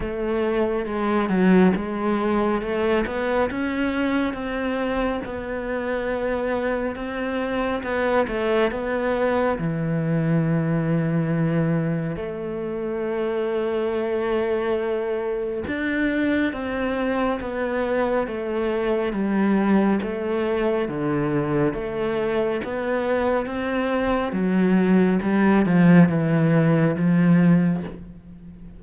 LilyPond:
\new Staff \with { instrumentName = "cello" } { \time 4/4 \tempo 4 = 69 a4 gis8 fis8 gis4 a8 b8 | cis'4 c'4 b2 | c'4 b8 a8 b4 e4~ | e2 a2~ |
a2 d'4 c'4 | b4 a4 g4 a4 | d4 a4 b4 c'4 | fis4 g8 f8 e4 f4 | }